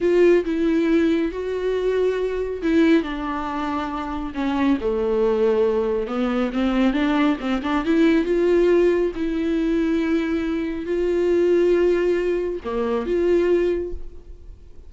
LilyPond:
\new Staff \with { instrumentName = "viola" } { \time 4/4 \tempo 4 = 138 f'4 e'2 fis'4~ | fis'2 e'4 d'4~ | d'2 cis'4 a4~ | a2 b4 c'4 |
d'4 c'8 d'8 e'4 f'4~ | f'4 e'2.~ | e'4 f'2.~ | f'4 ais4 f'2 | }